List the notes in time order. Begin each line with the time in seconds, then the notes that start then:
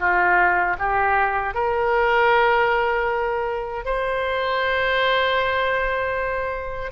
0.00 F4
0.79 G4
1.55 A#4
3.85 C5